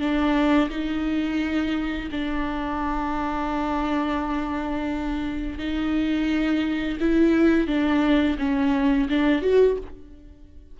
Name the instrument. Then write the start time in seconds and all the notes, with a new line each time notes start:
viola
0.00 D4
0.70 D#4
2.12 D4
5.59 D#4
7.00 E4
7.68 D4
8.39 C#4
9.10 D4
9.42 F#4